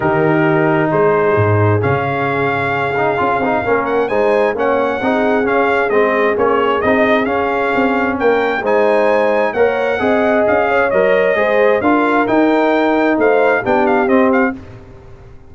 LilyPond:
<<
  \new Staff \with { instrumentName = "trumpet" } { \time 4/4 \tempo 4 = 132 ais'2 c''2 | f''1~ | f''8 fis''8 gis''4 fis''2 | f''4 dis''4 cis''4 dis''4 |
f''2 g''4 gis''4~ | gis''4 fis''2 f''4 | dis''2 f''4 g''4~ | g''4 f''4 g''8 f''8 dis''8 f''8 | }
  \new Staff \with { instrumentName = "horn" } { \time 4/4 g'2 gis'2~ | gis'1 | ais'4 c''4 cis''4 gis'4~ | gis'1~ |
gis'2 ais'4 c''4~ | c''4 cis''4 dis''4. cis''8~ | cis''4 c''4 ais'2~ | ais'4 c''4 g'2 | }
  \new Staff \with { instrumentName = "trombone" } { \time 4/4 dis'1 | cis'2~ cis'8 dis'8 f'8 dis'8 | cis'4 dis'4 cis'4 dis'4 | cis'4 c'4 cis'4 dis'4 |
cis'2. dis'4~ | dis'4 ais'4 gis'2 | ais'4 gis'4 f'4 dis'4~ | dis'2 d'4 c'4 | }
  \new Staff \with { instrumentName = "tuba" } { \time 4/4 dis2 gis4 gis,4 | cis2. cis'8 c'8 | ais4 gis4 ais4 c'4 | cis'4 gis4 ais4 c'4 |
cis'4 c'4 ais4 gis4~ | gis4 ais4 c'4 cis'4 | fis4 gis4 d'4 dis'4~ | dis'4 a4 b4 c'4 | }
>>